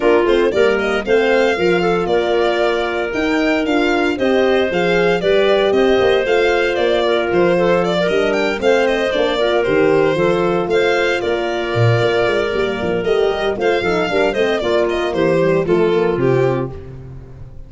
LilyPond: <<
  \new Staff \with { instrumentName = "violin" } { \time 4/4 \tempo 4 = 115 ais'8 c''8 d''8 dis''8 f''2 | d''2 g''4 f''4 | dis''4 f''4 d''4 dis''4 | f''4 d''4 c''4 d''8 dis''8 |
g''8 f''8 dis''8 d''4 c''4.~ | c''8 f''4 d''2~ d''8~ | d''4 dis''4 f''4. dis''8 | d''8 dis''8 c''4 a'4 g'4 | }
  \new Staff \with { instrumentName = "clarinet" } { \time 4/4 f'4 ais'4 c''4 ais'8 a'8 | ais'1 | c''2 b'4 c''4~ | c''4. ais'4 a'8. ais'8.~ |
ais'8 c''4. ais'4. a'8~ | a'8 c''4 ais'2~ ais'8~ | ais'2 c''8 a'8 ais'8 c''8 | f'4 g'4 f'2 | }
  \new Staff \with { instrumentName = "horn" } { \time 4/4 d'8 c'8 ais4 c'4 f'4~ | f'2 dis'4 f'4 | g'4 gis'4 g'2 | f'2.~ f'8 d'8~ |
d'8 c'4 d'8 f'8 g'4 f'8~ | f'1 | ais4 g'4 f'8 dis'8 d'8 c'8 | ais4. g8 a8 ais8 c'4 | }
  \new Staff \with { instrumentName = "tuba" } { \time 4/4 ais8 a8 g4 a4 f4 | ais2 dis'4 d'4 | c'4 f4 g4 c'8 ais8 | a4 ais4 f4. g8~ |
g8 a4 ais4 dis4 f8~ | f8 a4 ais4 ais,8 ais8 gis8 | g8 f8 a8 g8 a8 f8 g8 a8 | ais4 e4 f4 c4 | }
>>